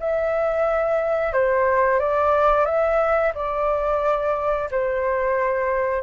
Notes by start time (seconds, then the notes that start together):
0.00 E5
1.33 C5
2.00 D5
2.66 E5
3.35 D5
4.71 C5